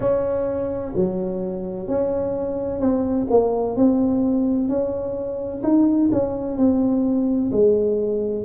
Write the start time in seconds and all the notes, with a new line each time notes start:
0.00 C#4
0.95 F#3
1.87 C#4
2.80 C4
3.30 A#3
3.76 C4
4.68 C#4
5.62 D#4
6.12 C#4
6.57 C4
7.51 G#3